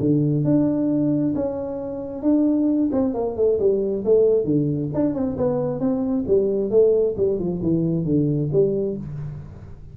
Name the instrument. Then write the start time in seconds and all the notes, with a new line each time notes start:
tuba
0.00 D3
0.45 D4
1.35 C#4
2.22 D4
2.92 C4
3.14 A#3
3.37 A3
3.59 G3
4.05 A3
4.45 D3
4.94 D4
5.14 C4
5.37 B3
5.80 C4
6.27 G3
6.70 A3
7.17 G3
7.39 F3
7.62 E3
8.05 D3
8.52 G3